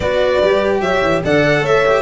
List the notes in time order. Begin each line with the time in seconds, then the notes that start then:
0.00 B3 F#4 B4 D5
0.42 G3 G4
0.80 F#3 C#5 E5
1.02 E3
1.23 D3 A4 D5 F#5
1.61 A3 C#5 E5
1.85 G4